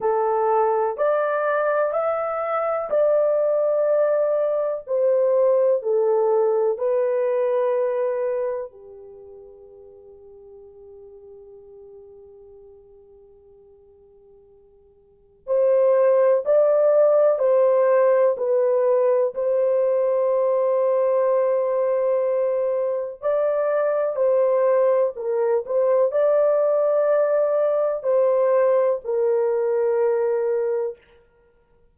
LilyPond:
\new Staff \with { instrumentName = "horn" } { \time 4/4 \tempo 4 = 62 a'4 d''4 e''4 d''4~ | d''4 c''4 a'4 b'4~ | b'4 g'2.~ | g'1 |
c''4 d''4 c''4 b'4 | c''1 | d''4 c''4 ais'8 c''8 d''4~ | d''4 c''4 ais'2 | }